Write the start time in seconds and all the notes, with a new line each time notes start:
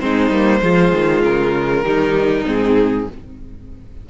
0.00 G#3 C4 D#4 C5
0.30 G3 A#3
0.62 F3 G#3 F4
0.93 D#3
1.23 C#3 A#4
1.84 D#3 G3 D#4
2.46 G#2 C4 G#4